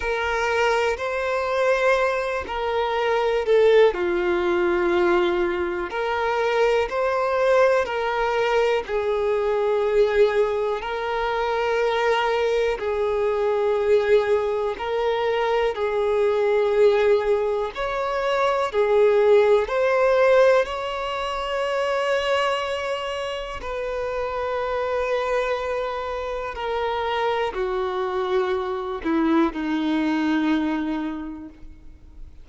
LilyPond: \new Staff \with { instrumentName = "violin" } { \time 4/4 \tempo 4 = 61 ais'4 c''4. ais'4 a'8 | f'2 ais'4 c''4 | ais'4 gis'2 ais'4~ | ais'4 gis'2 ais'4 |
gis'2 cis''4 gis'4 | c''4 cis''2. | b'2. ais'4 | fis'4. e'8 dis'2 | }